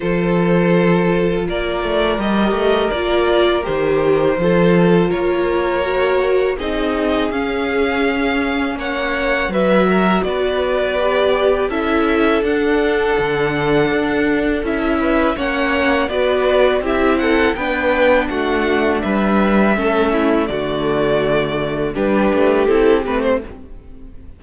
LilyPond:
<<
  \new Staff \with { instrumentName = "violin" } { \time 4/4 \tempo 4 = 82 c''2 d''4 dis''4 | d''4 c''2 cis''4~ | cis''4 dis''4 f''2 | fis''4 e''4 d''2 |
e''4 fis''2. | e''4 fis''4 d''4 e''8 fis''8 | g''4 fis''4 e''2 | d''2 b'4 a'8 b'16 c''16 | }
  \new Staff \with { instrumentName = "violin" } { \time 4/4 a'2 ais'2~ | ais'2 a'4 ais'4~ | ais'4 gis'2. | cis''4 b'8 ais'8 b'2 |
a'1~ | a'8 b'8 cis''4 b'4 g'8 a'8 | b'4 fis'4 b'4 a'8 e'8 | fis'2 g'2 | }
  \new Staff \with { instrumentName = "viola" } { \time 4/4 f'2. g'4 | f'4 g'4 f'2 | fis'4 dis'4 cis'2~ | cis'4 fis'2 g'4 |
e'4 d'2. | e'4 cis'4 fis'4 e'4 | d'2. cis'4 | a2 d'4 e'8 c'8 | }
  \new Staff \with { instrumentName = "cello" } { \time 4/4 f2 ais8 a8 g8 a8 | ais4 dis4 f4 ais4~ | ais4 c'4 cis'2 | ais4 fis4 b2 |
cis'4 d'4 d4 d'4 | cis'4 ais4 b4 c'4 | b4 a4 g4 a4 | d2 g8 a8 c'8 a8 | }
>>